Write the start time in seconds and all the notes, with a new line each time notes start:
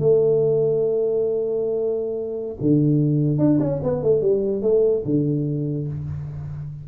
0.00 A3
2.61 D3
3.39 D4
3.61 C#4
3.83 B3
4.03 A3
4.22 G3
4.63 A3
5.06 D3